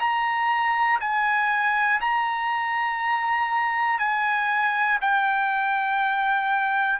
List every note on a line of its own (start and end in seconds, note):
0.00 1.00 A#5
1.00 2.00 G#5
2.00 3.99 A#5
3.99 4.99 G#5
5.01 7.00 G5